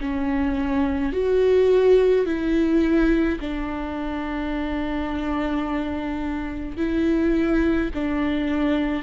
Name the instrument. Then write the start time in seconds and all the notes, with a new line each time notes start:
viola
0.00 C#4
1.13 F#4
2.26 E4
3.40 D4
6.77 E4
7.95 D4